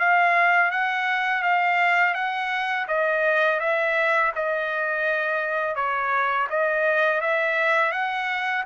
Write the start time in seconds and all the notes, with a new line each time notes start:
0.00 F5
0.72 F#5
1.43 F5
2.15 F#5
2.88 D#5
3.60 E5
4.36 D#5
5.76 C#5
6.50 D#5
7.22 E5
7.92 F#5